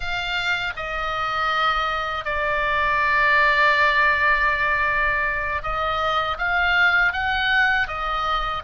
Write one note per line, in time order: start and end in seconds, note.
0.00 0.73 F5
0.76 2.24 D#5
2.24 5.62 D5
5.62 6.38 D#5
6.38 7.12 F5
7.12 7.88 F#5
7.88 8.62 D#5